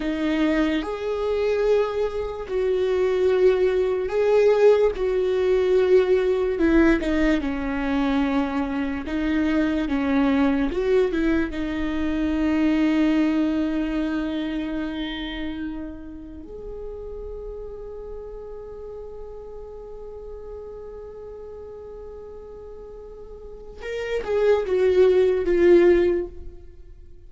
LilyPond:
\new Staff \with { instrumentName = "viola" } { \time 4/4 \tempo 4 = 73 dis'4 gis'2 fis'4~ | fis'4 gis'4 fis'2 | e'8 dis'8 cis'2 dis'4 | cis'4 fis'8 e'8 dis'2~ |
dis'1 | gis'1~ | gis'1~ | gis'4 ais'8 gis'8 fis'4 f'4 | }